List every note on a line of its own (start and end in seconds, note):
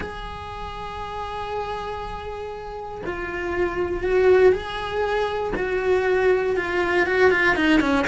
0.00 3.02 G#4
3.05 4.03 F4
4.03 4.52 F#4
4.52 5.53 G#4
5.56 6.56 F#4
6.56 7.06 F4
7.06 7.30 F#4
7.30 7.55 F4
7.55 7.80 D#4
7.80 8.05 C#4